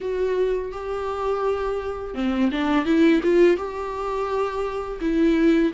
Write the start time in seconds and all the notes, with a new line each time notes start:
0.00 F#4
0.72 G4
2.14 C4
2.51 D4
2.85 E4
3.23 F4
3.56 G4
5.00 E4